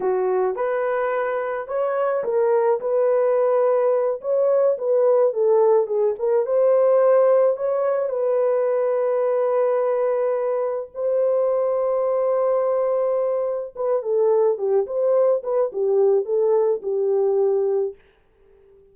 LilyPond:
\new Staff \with { instrumentName = "horn" } { \time 4/4 \tempo 4 = 107 fis'4 b'2 cis''4 | ais'4 b'2~ b'8 cis''8~ | cis''8 b'4 a'4 gis'8 ais'8 c''8~ | c''4. cis''4 b'4.~ |
b'2.~ b'8 c''8~ | c''1~ | c''8 b'8 a'4 g'8 c''4 b'8 | g'4 a'4 g'2 | }